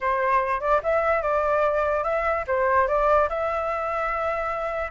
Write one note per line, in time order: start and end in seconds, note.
0.00 0.60 C5
0.60 0.81 D5
0.83 1.21 E5
1.21 2.03 D5
2.03 2.45 E5
2.47 2.87 C5
2.87 3.28 D5
3.29 4.91 E5